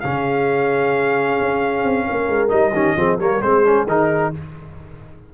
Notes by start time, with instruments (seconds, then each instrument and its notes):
0.00 tuba C#3, trombone C#4, horn G#4, trumpet F5
1.40 tuba C#4
1.84 tuba C4
2.07 tuba A#3, horn A#4
2.28 tuba G#3
2.48 tuba G3, trombone D#4, trumpet D#5
2.72 tuba D#3, trombone C#4, horn G4
2.96 tuba F3, trombone C4, horn G#4
3.18 tuba G3, trombone A#3, horn A#4, trumpet C#5
3.42 tuba G#3, trombone C4, horn G#4, trumpet C5
3.64 trombone C#4
3.87 tuba D#3, trombone D#4, trumpet A#4